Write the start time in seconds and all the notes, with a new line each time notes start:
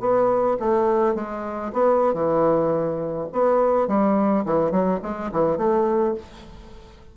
0.00 B3
0.59 A3
1.15 G#3
1.73 B3
2.14 E3
3.32 B3
3.88 G3
4.45 E3
4.71 F#3
5.02 G#3
5.32 E3
5.57 A3